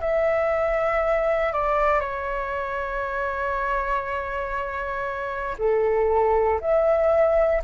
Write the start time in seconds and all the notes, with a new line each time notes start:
0.00 E5
1.52 D5
2.00 C#5
5.58 A4
6.61 E5